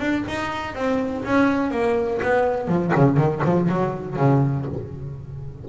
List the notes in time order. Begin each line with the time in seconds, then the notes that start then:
0.00 D4
0.29 D#4
0.75 C4
1.25 C#4
1.71 A#3
2.23 B3
2.68 F3
2.96 C#3
3.17 D#3
3.45 F3
3.69 F#3
4.17 C#3